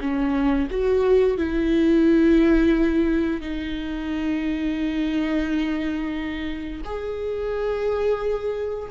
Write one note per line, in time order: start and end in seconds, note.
0.00 0.68 C#4
0.70 1.37 F#4
1.37 3.41 E4
3.41 6.82 D#4
6.84 8.89 G#4